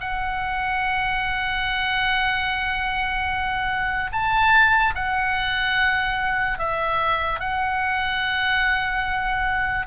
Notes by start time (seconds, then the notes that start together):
0.00 F#5
4.12 A5
4.95 F#5
6.58 E5
7.40 F#5